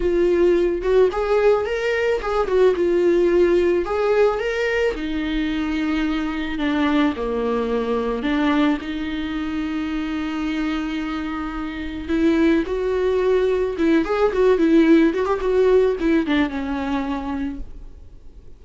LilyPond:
\new Staff \with { instrumentName = "viola" } { \time 4/4 \tempo 4 = 109 f'4. fis'8 gis'4 ais'4 | gis'8 fis'8 f'2 gis'4 | ais'4 dis'2. | d'4 ais2 d'4 |
dis'1~ | dis'2 e'4 fis'4~ | fis'4 e'8 gis'8 fis'8 e'4 fis'16 g'16 | fis'4 e'8 d'8 cis'2 | }